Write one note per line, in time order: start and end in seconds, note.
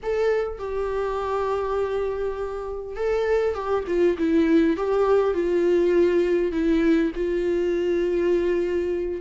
0.02 0.58 A4
0.58 2.96 G4
2.96 3.54 A4
3.54 3.84 G4
3.87 4.16 F4
4.18 4.76 E4
4.76 5.33 G4
5.33 6.52 F4
6.52 7.11 E4
7.14 9.21 F4